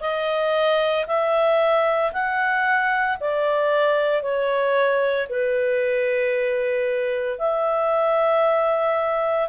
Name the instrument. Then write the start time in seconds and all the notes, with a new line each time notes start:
clarinet
0.00 D#5
1.07 E5
2.12 F#5
3.20 D5
4.22 C#5
5.29 B4
7.38 E5